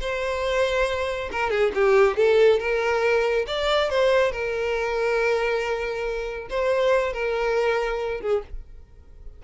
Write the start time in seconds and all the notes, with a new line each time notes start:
0.00 C5
1.32 A#4
1.50 G#4
1.74 G4
2.16 A4
2.59 A#4
3.47 D5
3.90 C5
4.32 A#4
6.50 C5
7.13 A#4
8.21 G#4